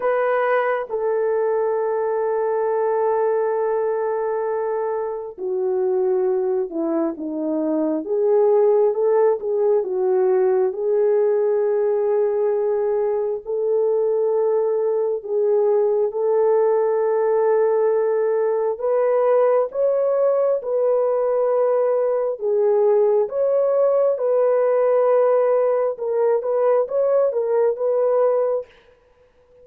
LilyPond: \new Staff \with { instrumentName = "horn" } { \time 4/4 \tempo 4 = 67 b'4 a'2.~ | a'2 fis'4. e'8 | dis'4 gis'4 a'8 gis'8 fis'4 | gis'2. a'4~ |
a'4 gis'4 a'2~ | a'4 b'4 cis''4 b'4~ | b'4 gis'4 cis''4 b'4~ | b'4 ais'8 b'8 cis''8 ais'8 b'4 | }